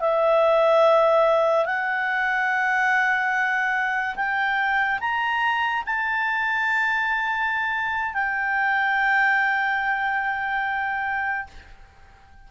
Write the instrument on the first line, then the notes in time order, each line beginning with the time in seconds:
clarinet
0.00 E5
1.65 F#5
4.16 G5
5.00 A#5
5.85 A5
8.13 G5